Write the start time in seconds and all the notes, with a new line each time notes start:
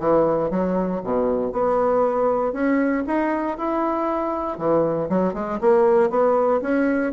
0.00 E3
0.51 F#3
1.04 B2
1.53 B3
2.53 C#4
3.07 D#4
3.58 E4
4.58 E3
5.10 F#3
5.34 G#3
5.61 A#3
6.10 B3
6.62 C#4